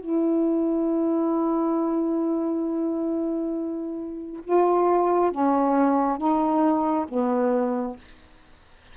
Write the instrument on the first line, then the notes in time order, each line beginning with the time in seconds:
saxophone
0.00 E4
4.44 F4
5.31 C#4
6.17 D#4
7.08 B3